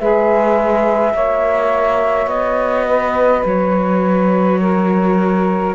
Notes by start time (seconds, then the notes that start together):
0.00 G#3 G#4 B4 E5
1.14 A#3 F#4 C#5
2.27 B3 D#5
2.87 B4
3.45 F#3 C#5
4.60 A#4